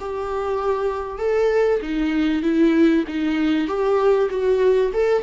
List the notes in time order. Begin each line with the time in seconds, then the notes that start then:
0.00 G4
1.19 A4
1.82 D#4
2.43 E4
3.08 D#4
3.68 G4
4.30 F#4
4.94 A4